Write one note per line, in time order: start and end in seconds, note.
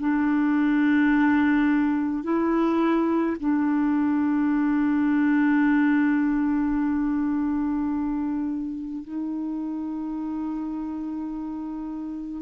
0.00 2.23 D4
2.23 3.37 E4
3.40 9.04 D4
9.04 12.42 D#4